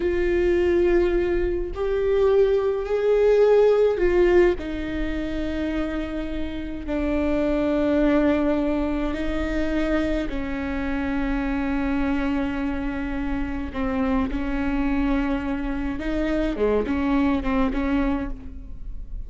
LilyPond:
\new Staff \with { instrumentName = "viola" } { \time 4/4 \tempo 4 = 105 f'2. g'4~ | g'4 gis'2 f'4 | dis'1 | d'1 |
dis'2 cis'2~ | cis'1 | c'4 cis'2. | dis'4 gis8 cis'4 c'8 cis'4 | }